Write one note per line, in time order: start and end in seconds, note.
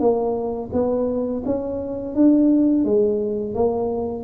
0.00 0.71 A#3
0.73 1.43 B3
1.46 2.15 C#4
2.15 2.85 D4
2.85 3.55 G#3
3.55 4.24 A#3